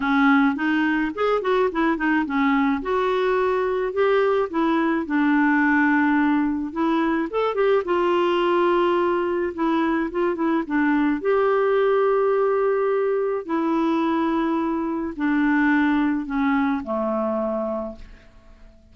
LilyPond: \new Staff \with { instrumentName = "clarinet" } { \time 4/4 \tempo 4 = 107 cis'4 dis'4 gis'8 fis'8 e'8 dis'8 | cis'4 fis'2 g'4 | e'4 d'2. | e'4 a'8 g'8 f'2~ |
f'4 e'4 f'8 e'8 d'4 | g'1 | e'2. d'4~ | d'4 cis'4 a2 | }